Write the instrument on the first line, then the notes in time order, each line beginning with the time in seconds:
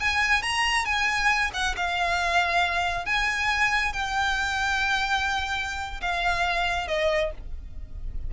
violin
0.00 G#5
0.42 A#5
0.85 G#5
1.54 F#5
1.77 F5
3.06 G#5
3.93 G5
6.01 F5
6.88 D#5